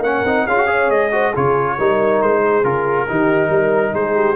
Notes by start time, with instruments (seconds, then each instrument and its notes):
0.00 tuba A#3, trombone C#4, horn A#4, trumpet F#5
0.25 tuba C4, trombone D#4
0.47 tuba C#4, trombone F4, horn G#4, trumpet F5
0.58 trombone F#4
0.67 trombone G#4, horn C#5
0.90 tuba G#3, trumpet D#5
1.12 trombone F#4, horn C5
1.32 tuba C#3, trombone F4, horn G#4, trumpet C#5
1.78 tuba G3, trombone D#4, horn A#4
2.23 tuba G#3, trumpet C5
2.41 horn G#4
2.64 tuba C#3, trombone F4, trumpet A#4
3.09 tuba D#3, trombone D#4, horn G4
3.50 tuba G3, horn A#4
3.95 tuba G#3, horn G#4, trumpet C5
4.15 horn G4